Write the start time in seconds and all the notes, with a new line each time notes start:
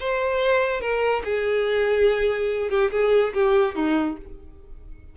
0.00 C5
0.81 A#4
1.24 G#4
2.70 G4
2.91 G#4
3.34 G4
3.75 D#4